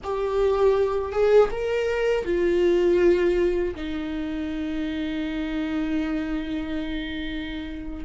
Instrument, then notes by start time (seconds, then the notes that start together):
viola
0.03 G4
1.11 G#4
1.50 A#4
2.24 F4
3.75 D#4